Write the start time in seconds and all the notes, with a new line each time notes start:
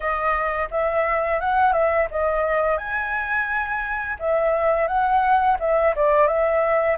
0.00 D#5
0.70 E5
1.40 F#5
1.72 E5
2.11 D#5
2.77 G#5
4.19 E5
4.87 F#5
5.59 E5
5.95 D5
6.27 E5